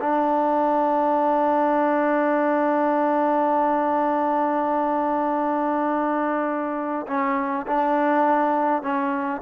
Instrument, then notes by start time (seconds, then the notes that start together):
trombone
0.00 D4
7.07 C#4
7.66 D4
8.82 C#4